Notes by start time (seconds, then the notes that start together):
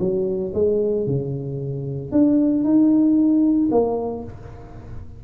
0.00 F#3
0.54 G#3
1.07 C#3
2.12 D4
2.64 D#4
3.72 A#3